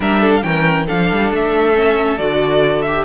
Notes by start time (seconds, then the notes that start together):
0.00 G3 D4 A#4 E5
0.20 A4
0.35 F5
0.42 E3 C#4 A#4 G5
0.86 F3 D4 A4 F5
1.11 G3
1.31 A3 E5
1.74 C#4
2.17 D3 F#4 D5
2.82 G4 E5